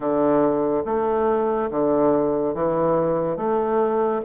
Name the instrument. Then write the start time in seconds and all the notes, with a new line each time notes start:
bassoon
0.00 D3
0.85 A3
1.70 D3
2.54 E3
3.36 A3